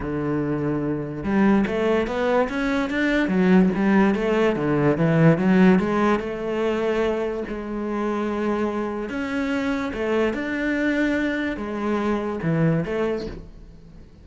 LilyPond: \new Staff \with { instrumentName = "cello" } { \time 4/4 \tempo 4 = 145 d2. g4 | a4 b4 cis'4 d'4 | fis4 g4 a4 d4 | e4 fis4 gis4 a4~ |
a2 gis2~ | gis2 cis'2 | a4 d'2. | gis2 e4 a4 | }